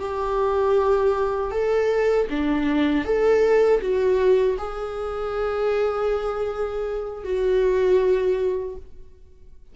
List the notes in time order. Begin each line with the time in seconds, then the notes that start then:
0.00 G4
1.52 A4
2.30 D4
3.05 A4
3.81 F#4
4.58 G#4
7.24 F#4